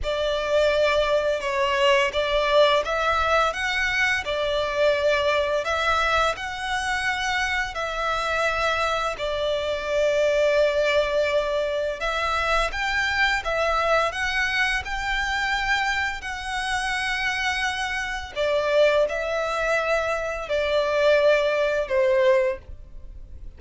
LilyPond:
\new Staff \with { instrumentName = "violin" } { \time 4/4 \tempo 4 = 85 d''2 cis''4 d''4 | e''4 fis''4 d''2 | e''4 fis''2 e''4~ | e''4 d''2.~ |
d''4 e''4 g''4 e''4 | fis''4 g''2 fis''4~ | fis''2 d''4 e''4~ | e''4 d''2 c''4 | }